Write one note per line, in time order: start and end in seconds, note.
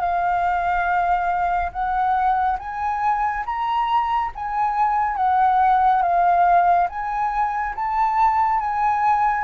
0.00 1.71 F5
1.72 2.58 F#5
2.59 3.44 G#5
3.45 4.31 A#5
4.35 5.16 G#5
5.16 6.02 F#5
6.02 6.88 F5
6.89 7.75 G#5
7.75 8.59 A5
8.59 9.44 G#5